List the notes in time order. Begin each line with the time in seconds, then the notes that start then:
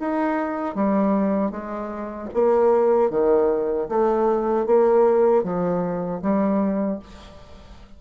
0.00 D#4
0.75 G3
1.52 G#3
2.34 A#3
3.11 D#3
3.89 A3
4.66 A#3
5.44 F3
6.22 G3